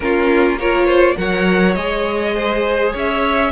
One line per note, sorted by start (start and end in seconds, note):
0.00 1.15 A#3
0.00 0.59 C#4
0.00 0.59 F4
0.00 0.57 A#4
0.59 1.16 F4
0.59 0.85 A#4
0.59 1.17 C#5
0.85 1.15 C5
1.16 1.75 F#3
1.16 1.75 A#4
1.16 2.35 C#5
1.16 1.74 F#5
1.74 2.93 G#3
1.74 3.51 G#4
1.74 2.92 D#5
2.35 2.92 C5
2.92 3.51 C#4
2.92 3.51 C#5
2.92 3.51 E5